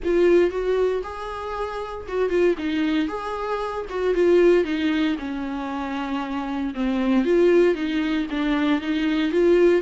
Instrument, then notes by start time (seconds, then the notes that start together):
viola
0.04 F4
0.50 F#4
1.03 G#4
2.07 F#4
2.29 F4
2.58 D#4
3.08 G#4
3.89 F#4
4.14 F4
4.64 D#4
5.19 C#4
6.74 C4
7.24 F4
7.74 D#4
8.30 D4
8.80 D#4
9.31 F4